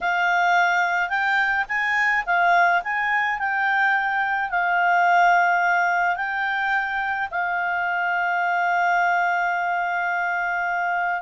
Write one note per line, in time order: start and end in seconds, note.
0.01 1.09 F5
1.09 1.65 G5
1.68 2.24 G#5
2.26 2.82 F5
2.83 3.38 G#5
3.38 4.50 G5
4.50 6.16 F5
6.16 7.28 G5
7.30 11.21 F5